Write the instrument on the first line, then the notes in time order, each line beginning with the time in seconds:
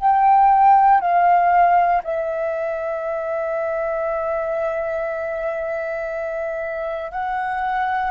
flute
0.00 G5
1.01 F5
2.04 E5
7.12 F#5